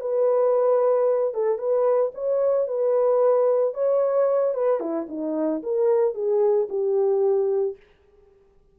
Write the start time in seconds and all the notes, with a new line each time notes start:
0.00 B4
1.34 A4
1.58 B4
2.14 C#5
2.67 B4
3.74 C#5
4.54 B4
4.80 E4
5.08 D#4
5.62 A#4
6.14 G#4
6.69 G4